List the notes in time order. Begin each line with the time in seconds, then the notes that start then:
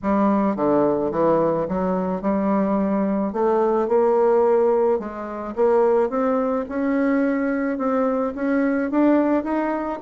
0.02 G3
0.56 D3
1.11 E3
1.68 F#3
2.21 G3
3.33 A3
3.88 A#3
4.98 G#3
5.55 A#3
6.09 C4
6.68 C#4
7.78 C4
8.35 C#4
8.90 D4
9.43 D#4